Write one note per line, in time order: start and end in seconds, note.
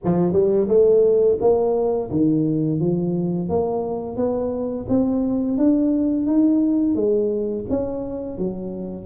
0.04 0.32 F3
0.32 0.67 G3
0.68 1.38 A3
1.40 2.10 A#3
2.11 2.80 D#3
2.80 3.49 F3
3.49 4.16 A#3
4.16 4.86 B3
4.88 5.57 C4
5.57 6.26 D4
6.26 6.95 D#4
6.95 7.64 G#3
7.69 8.38 C#4
8.38 9.05 F#3